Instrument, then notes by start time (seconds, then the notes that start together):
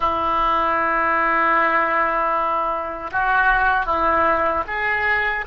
oboe
0.00 E4
3.11 F#4
3.85 E4
4.67 G#4